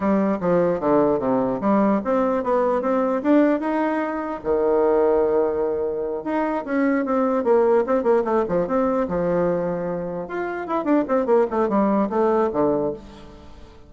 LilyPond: \new Staff \with { instrumentName = "bassoon" } { \time 4/4 \tempo 4 = 149 g4 f4 d4 c4 | g4 c'4 b4 c'4 | d'4 dis'2 dis4~ | dis2.~ dis8 dis'8~ |
dis'8 cis'4 c'4 ais4 c'8 | ais8 a8 f8 c'4 f4.~ | f4. f'4 e'8 d'8 c'8 | ais8 a8 g4 a4 d4 | }